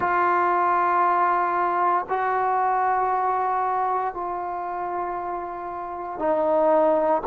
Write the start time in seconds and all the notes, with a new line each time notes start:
0.00 F4
2.08 F#4
4.14 F4
6.18 D#4